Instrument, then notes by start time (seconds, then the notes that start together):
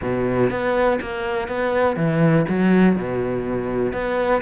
cello
0.01 B2
0.50 B3
1.01 A#3
1.48 B3
1.96 E3
2.48 F#3
2.95 B2
3.92 B3